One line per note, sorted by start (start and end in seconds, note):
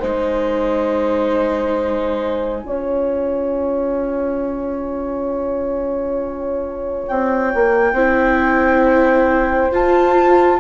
0.00 2.64 G#3
0.00 2.63 D#4
0.00 2.65 C5
0.00 7.07 G#5
2.63 7.05 C#4
2.63 7.93 F4
2.63 7.95 C#5
7.08 7.54 C4
7.08 9.72 G5
7.54 7.93 A#3
7.93 9.69 C4
7.93 9.72 E4
7.93 10.60 C5
9.72 10.60 F4
9.72 10.60 A5